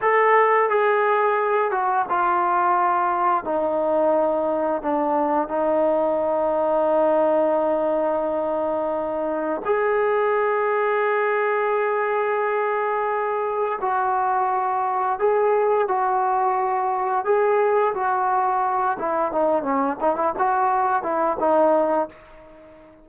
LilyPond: \new Staff \with { instrumentName = "trombone" } { \time 4/4 \tempo 4 = 87 a'4 gis'4. fis'8 f'4~ | f'4 dis'2 d'4 | dis'1~ | dis'2 gis'2~ |
gis'1 | fis'2 gis'4 fis'4~ | fis'4 gis'4 fis'4. e'8 | dis'8 cis'8 dis'16 e'16 fis'4 e'8 dis'4 | }